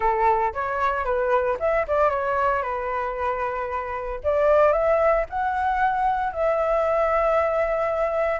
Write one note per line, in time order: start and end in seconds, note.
0.00 0.53 A4
0.53 1.04 C#5
1.04 1.57 B4
1.59 1.85 E5
1.87 2.09 D5
2.09 2.62 C#5
2.62 4.20 B4
4.23 4.72 D5
4.72 5.25 E5
5.29 6.32 F#5
6.32 8.39 E5